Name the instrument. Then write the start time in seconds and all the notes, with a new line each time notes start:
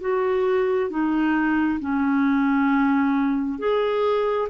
clarinet
0.00 F#4
0.90 D#4
1.80 C#4
3.59 G#4